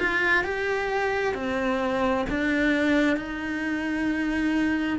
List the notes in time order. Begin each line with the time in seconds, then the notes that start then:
0.00 F4
0.44 G4
1.35 C4
2.30 D4
3.17 D#4